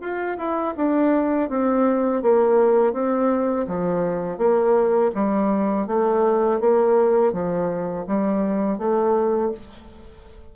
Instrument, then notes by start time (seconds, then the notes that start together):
bassoon
0.00 F4
0.38 E4
0.76 D4
1.49 C4
2.22 A#3
2.93 C4
3.67 F3
4.38 A#3
5.15 G3
5.87 A3
6.60 A#3
7.32 F3
8.07 G3
8.78 A3